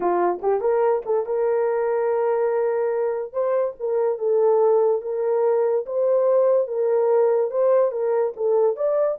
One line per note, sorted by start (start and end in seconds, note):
0.00 0.40 F4
0.42 0.60 G4
0.60 1.02 A#4
1.05 1.25 A4
1.25 3.32 A#4
3.32 3.74 C5
3.79 4.18 A#4
4.18 5.01 A4
5.01 5.85 A#4
5.86 6.67 C5
6.67 7.50 A#4
7.50 7.91 C5
7.91 8.33 A#4
8.36 8.76 A4
8.76 9.18 D5